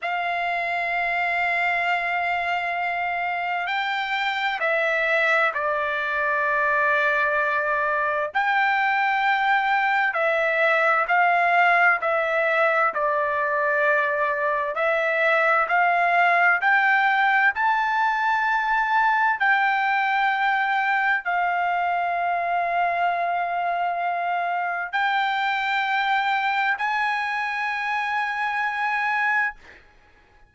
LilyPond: \new Staff \with { instrumentName = "trumpet" } { \time 4/4 \tempo 4 = 65 f''1 | g''4 e''4 d''2~ | d''4 g''2 e''4 | f''4 e''4 d''2 |
e''4 f''4 g''4 a''4~ | a''4 g''2 f''4~ | f''2. g''4~ | g''4 gis''2. | }